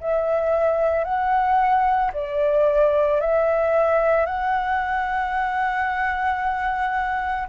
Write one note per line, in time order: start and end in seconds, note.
0.00 1.04 E5
1.04 2.11 F#5
2.13 3.20 D5
3.20 4.26 E5
4.26 7.47 F#5